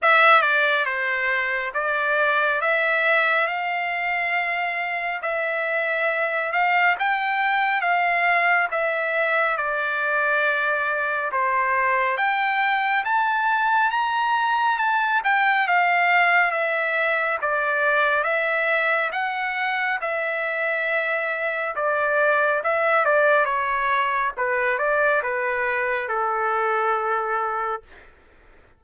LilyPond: \new Staff \with { instrumentName = "trumpet" } { \time 4/4 \tempo 4 = 69 e''8 d''8 c''4 d''4 e''4 | f''2 e''4. f''8 | g''4 f''4 e''4 d''4~ | d''4 c''4 g''4 a''4 |
ais''4 a''8 g''8 f''4 e''4 | d''4 e''4 fis''4 e''4~ | e''4 d''4 e''8 d''8 cis''4 | b'8 d''8 b'4 a'2 | }